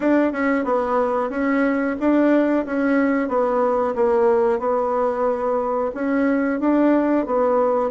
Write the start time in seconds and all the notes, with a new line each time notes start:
0.00 D4
0.32 C#4
0.64 B3
1.30 C#4
1.99 D4
2.66 C#4
3.28 B3
3.95 A#3
4.59 B3
5.94 C#4
6.59 D4
7.25 B3